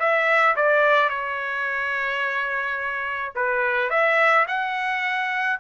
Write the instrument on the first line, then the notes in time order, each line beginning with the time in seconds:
trumpet
0.00 E5
0.56 D5
1.10 C#5
3.36 B4
3.90 E5
4.48 F#5